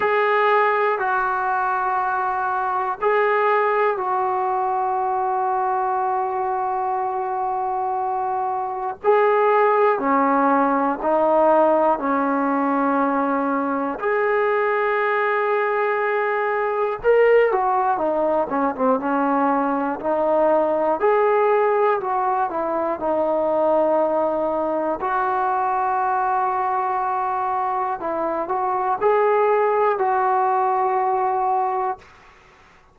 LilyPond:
\new Staff \with { instrumentName = "trombone" } { \time 4/4 \tempo 4 = 60 gis'4 fis'2 gis'4 | fis'1~ | fis'4 gis'4 cis'4 dis'4 | cis'2 gis'2~ |
gis'4 ais'8 fis'8 dis'8 cis'16 c'16 cis'4 | dis'4 gis'4 fis'8 e'8 dis'4~ | dis'4 fis'2. | e'8 fis'8 gis'4 fis'2 | }